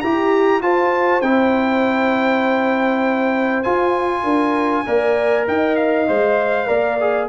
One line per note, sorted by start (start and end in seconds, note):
0.00 0.61 E4
0.00 0.61 G4
0.00 0.61 A#5
0.61 1.22 F4
0.61 4.23 C5
0.61 1.21 A5
1.21 3.64 C4
1.21 3.64 E4
1.21 3.63 G5
3.63 4.85 F4
3.63 4.23 F4
3.63 5.44 G#5
4.23 4.84 D4
4.23 4.83 A#4
4.85 5.47 A#3
4.85 6.07 A#4
4.85 5.47 D5
5.47 6.08 D#4
5.47 6.67 D#5
5.47 5.76 G5
5.76 7.27 F5
6.08 6.69 G#3
6.08 6.67 C5
6.67 7.29 A#3
6.67 6.97 A#4
6.67 7.28 D5
7.00 7.29 G#4